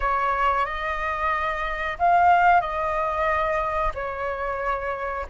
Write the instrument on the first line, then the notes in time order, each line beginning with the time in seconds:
flute
0.00 C#5
0.65 D#5
1.98 F5
2.60 D#5
3.94 C#5